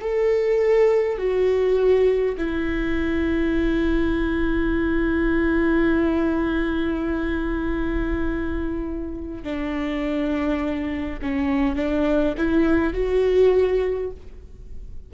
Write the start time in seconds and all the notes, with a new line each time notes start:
0.00 A4
1.18 F#4
2.37 E4
9.43 D4
11.21 C#4
11.75 D4
12.37 E4
12.93 F#4